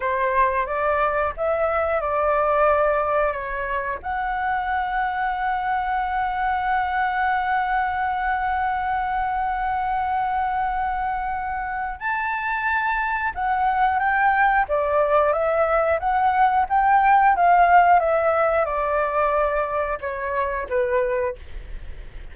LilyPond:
\new Staff \with { instrumentName = "flute" } { \time 4/4 \tempo 4 = 90 c''4 d''4 e''4 d''4~ | d''4 cis''4 fis''2~ | fis''1~ | fis''1~ |
fis''2 a''2 | fis''4 g''4 d''4 e''4 | fis''4 g''4 f''4 e''4 | d''2 cis''4 b'4 | }